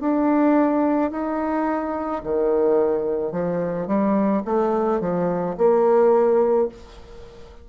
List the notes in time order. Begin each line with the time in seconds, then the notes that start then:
0.00 D4
1.11 D#4
2.23 D#3
3.31 F3
3.87 G3
4.44 A3
5.00 F3
5.57 A#3